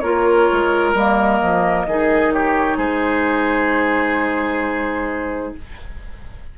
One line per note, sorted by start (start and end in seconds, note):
0.00 0.49 A#3
0.00 0.96 F4
0.00 1.87 A#4
0.00 0.92 C#5
0.52 0.94 G#3
0.94 1.41 G3
0.94 1.88 A#3
0.94 2.32 D#5
1.42 1.86 F3
1.86 2.77 D#3
1.86 5.58 D#4
1.86 2.34 G#4
2.32 2.77 G4
2.32 2.78 C#5
2.77 5.54 G#3
2.77 5.54 G#4
2.77 5.55 C5